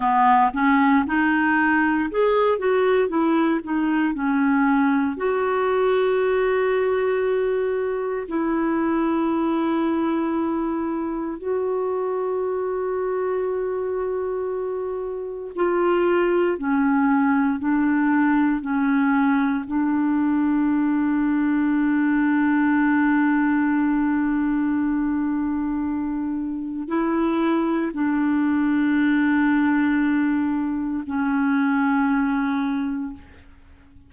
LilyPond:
\new Staff \with { instrumentName = "clarinet" } { \time 4/4 \tempo 4 = 58 b8 cis'8 dis'4 gis'8 fis'8 e'8 dis'8 | cis'4 fis'2. | e'2. fis'4~ | fis'2. f'4 |
cis'4 d'4 cis'4 d'4~ | d'1~ | d'2 e'4 d'4~ | d'2 cis'2 | }